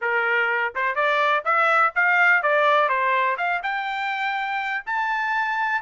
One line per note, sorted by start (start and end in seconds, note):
0.01 0.73 A#4
0.75 0.95 C5
0.95 1.43 D5
1.44 1.93 E5
1.95 2.42 F5
2.42 2.88 D5
2.88 3.37 C5
3.37 3.61 F5
3.62 4.83 G5
4.85 5.81 A5